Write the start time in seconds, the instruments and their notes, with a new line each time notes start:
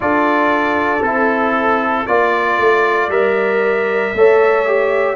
0.00 tuba D4, trombone F4, horn A4, trumpet D5
1.01 tuba C4, trombone E4, trumpet A4
2.06 tuba A#3, trombone F4, trumpet D5, horn D5
2.58 tuba A3
3.08 tuba G3, trombone A#4, trumpet E5
4.13 tuba A3, trombone A4, horn C#5
4.66 trombone G4